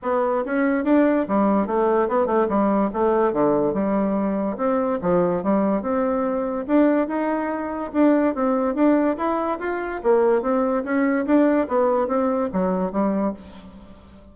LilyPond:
\new Staff \with { instrumentName = "bassoon" } { \time 4/4 \tempo 4 = 144 b4 cis'4 d'4 g4 | a4 b8 a8 g4 a4 | d4 g2 c'4 | f4 g4 c'2 |
d'4 dis'2 d'4 | c'4 d'4 e'4 f'4 | ais4 c'4 cis'4 d'4 | b4 c'4 fis4 g4 | }